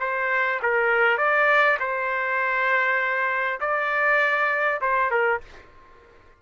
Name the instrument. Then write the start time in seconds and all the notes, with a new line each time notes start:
trumpet
0.00 C5
0.62 A#4
1.18 D5
1.80 C5
3.61 D5
4.81 C5
5.11 A#4